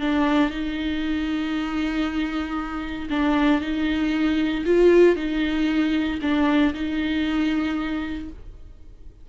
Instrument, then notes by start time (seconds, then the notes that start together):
viola
0.00 D4
0.50 D#4
3.10 D4
3.61 D#4
4.66 F4
5.16 D#4
6.22 D4
6.74 D#4